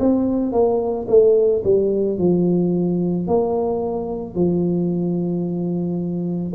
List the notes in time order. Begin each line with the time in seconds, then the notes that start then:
0.00 C4
0.53 A#3
1.09 A3
1.65 G3
2.19 F3
3.28 A#3
4.35 F3